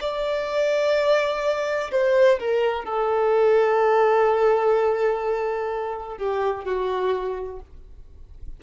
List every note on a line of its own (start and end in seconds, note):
0.00 1.90 D5
1.91 2.39 C5
2.39 2.84 A#4
2.84 6.17 A4
6.17 6.65 G4
6.65 7.60 F#4